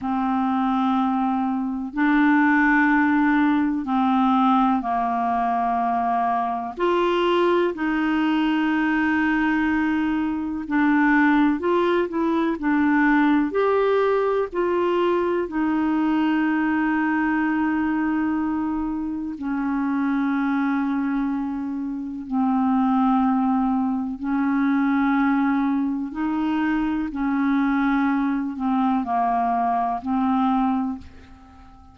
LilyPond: \new Staff \with { instrumentName = "clarinet" } { \time 4/4 \tempo 4 = 62 c'2 d'2 | c'4 ais2 f'4 | dis'2. d'4 | f'8 e'8 d'4 g'4 f'4 |
dis'1 | cis'2. c'4~ | c'4 cis'2 dis'4 | cis'4. c'8 ais4 c'4 | }